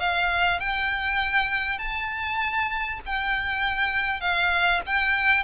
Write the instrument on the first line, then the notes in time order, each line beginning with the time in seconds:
violin
0.00 F5
0.60 G5
1.79 A5
3.06 G5
4.21 F5
4.86 G5